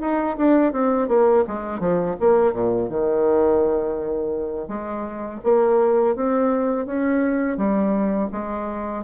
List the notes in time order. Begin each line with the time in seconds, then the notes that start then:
0.00 D#4
0.37 D4
0.72 C4
1.08 A#3
1.47 G#3
1.79 F3
2.19 A#3
2.53 A#2
2.89 D#3
4.68 G#3
5.43 A#3
6.15 C4
6.85 C#4
7.57 G3
8.32 G#3